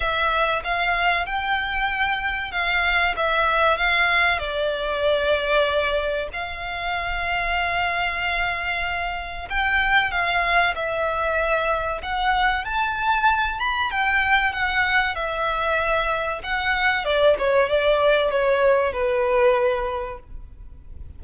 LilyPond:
\new Staff \with { instrumentName = "violin" } { \time 4/4 \tempo 4 = 95 e''4 f''4 g''2 | f''4 e''4 f''4 d''4~ | d''2 f''2~ | f''2. g''4 |
f''4 e''2 fis''4 | a''4. b''8 g''4 fis''4 | e''2 fis''4 d''8 cis''8 | d''4 cis''4 b'2 | }